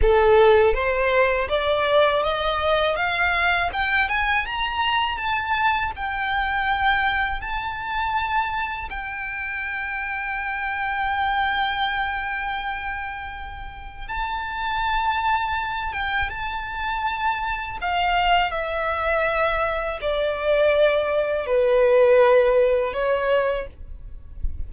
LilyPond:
\new Staff \with { instrumentName = "violin" } { \time 4/4 \tempo 4 = 81 a'4 c''4 d''4 dis''4 | f''4 g''8 gis''8 ais''4 a''4 | g''2 a''2 | g''1~ |
g''2. a''4~ | a''4. g''8 a''2 | f''4 e''2 d''4~ | d''4 b'2 cis''4 | }